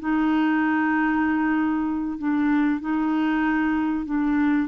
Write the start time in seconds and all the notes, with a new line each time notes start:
0.00 D#4
2.18 D4
2.81 D#4
4.06 D4